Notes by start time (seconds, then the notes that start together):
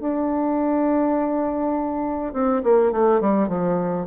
0.00 D4
2.33 C4
2.64 A#3
2.92 A3
3.21 G3
3.49 F3